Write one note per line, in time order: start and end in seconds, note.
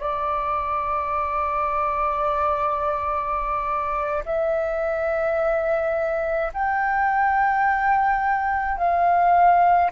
0.00 4.25 D5
4.26 6.52 E5
6.54 8.78 G5
8.78 9.91 F5